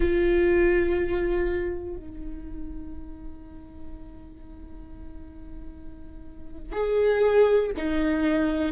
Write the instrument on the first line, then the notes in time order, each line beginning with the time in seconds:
viola
0.00 F4
1.96 D#4
6.72 G#4
7.77 D#4